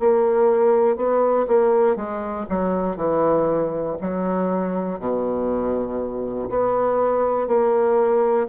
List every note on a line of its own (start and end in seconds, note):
0.00 0.96 A#3
0.96 1.46 B3
1.48 1.96 A#3
1.96 2.46 G#3
2.50 2.96 F#3
2.96 3.96 E3
4.01 4.99 F#3
4.99 6.49 B2
6.50 7.48 B3
7.48 8.48 A#3